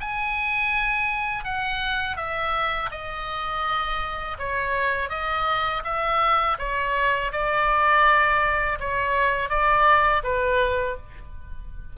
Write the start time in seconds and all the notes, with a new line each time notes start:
0.00 G#5
1.44 F#5
2.17 E5
2.91 D#5
4.38 C#5
5.09 D#5
5.84 E5
6.58 C#5
7.32 D5
8.80 C#5
9.49 D5
10.23 B4